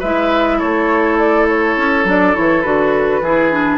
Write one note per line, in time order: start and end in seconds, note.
0.00 0.62 G#3
0.00 2.07 E4
0.00 0.58 B4
0.00 0.60 E5
0.59 1.77 A3
0.59 3.22 A4
0.59 1.18 C#5
1.19 1.48 D5
1.49 2.08 C#5
1.77 2.05 C#4
2.05 2.34 F#3
2.05 2.35 D4
2.05 2.36 D5
2.35 2.65 E3
2.35 2.64 E4
2.35 2.62 C#5
2.62 3.22 D3
2.62 3.22 F#4
2.62 3.79 B4
3.22 3.79 E3
3.22 3.52 E4
3.22 3.79 G#4
3.52 3.79 D4